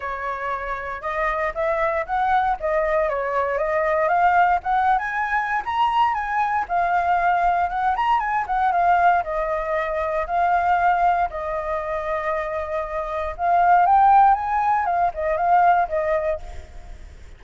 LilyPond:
\new Staff \with { instrumentName = "flute" } { \time 4/4 \tempo 4 = 117 cis''2 dis''4 e''4 | fis''4 dis''4 cis''4 dis''4 | f''4 fis''8. gis''4~ gis''16 ais''4 | gis''4 f''2 fis''8 ais''8 |
gis''8 fis''8 f''4 dis''2 | f''2 dis''2~ | dis''2 f''4 g''4 | gis''4 f''8 dis''8 f''4 dis''4 | }